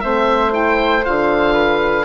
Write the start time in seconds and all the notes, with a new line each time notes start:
0.00 A3 C4 C5 E5
0.51 E4 G5
1.04 D3 F4 F5
1.53 B4